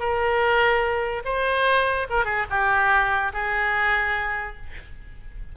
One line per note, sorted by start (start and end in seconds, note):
0.00 1.23 A#4
1.25 2.08 C5
2.10 2.25 A#4
2.25 2.46 G#4
2.50 3.33 G4
3.34 4.57 G#4